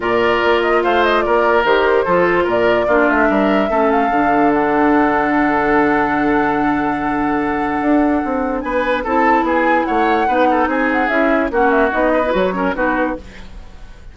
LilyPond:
<<
  \new Staff \with { instrumentName = "flute" } { \time 4/4 \tempo 4 = 146 d''4. dis''8 f''8 dis''8 d''4 | c''2 d''4. e''8~ | e''4. f''4. fis''4~ | fis''1~ |
fis''1~ | fis''4 gis''4 a''4 gis''4 | fis''2 gis''8 fis''8 e''4 | fis''8 e''8 dis''4 cis''4 b'4 | }
  \new Staff \with { instrumentName = "oboe" } { \time 4/4 ais'2 c''4 ais'4~ | ais'4 a'4 ais'4 f'4 | ais'4 a'2.~ | a'1~ |
a'1~ | a'4 b'4 a'4 gis'4 | cis''4 b'8 a'8 gis'2 | fis'4. b'4 ais'8 fis'4 | }
  \new Staff \with { instrumentName = "clarinet" } { \time 4/4 f'1 | g'4 f'2 d'4~ | d'4 cis'4 d'2~ | d'1~ |
d'1~ | d'2 e'2~ | e'4 dis'2 e'4 | cis'4 dis'8. e'16 fis'8 cis'8 dis'4 | }
  \new Staff \with { instrumentName = "bassoon" } { \time 4/4 ais,4 ais4 a4 ais4 | dis4 f4 ais,4 ais8 a8 | g4 a4 d2~ | d1~ |
d2. d'4 | c'4 b4 c'4 b4 | a4 b4 c'4 cis'4 | ais4 b4 fis4 b4 | }
>>